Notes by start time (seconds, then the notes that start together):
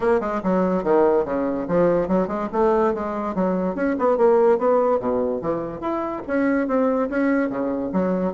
0.00 A#3
0.20 G#3
0.43 F#3
0.83 D#3
1.24 C#3
1.68 F3
2.08 F#3
2.27 G#3
2.52 A3
2.94 G#3
3.34 F#3
3.75 C#4
3.98 B3
4.17 A#3
4.58 B3
4.99 B2
5.41 E3
5.80 E4
6.27 C#4
6.67 C4
7.09 C#4
7.49 C#3
7.93 F#3